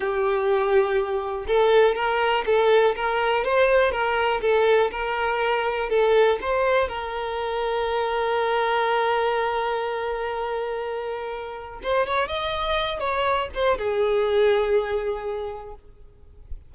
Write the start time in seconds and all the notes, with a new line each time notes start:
0.00 G4
1.47 A4
1.95 A#4
2.46 A4
2.95 A#4
3.44 C5
3.91 A#4
4.42 A4
4.91 A#4
5.89 A4
6.41 C5
6.88 A#4
11.83 C5
12.06 C#5
12.28 D#5
12.99 C#5
13.54 C5
13.78 G#4